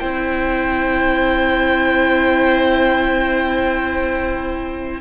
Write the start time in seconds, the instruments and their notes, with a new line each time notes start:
0.00 cello C4, viola E4, violin C5 G5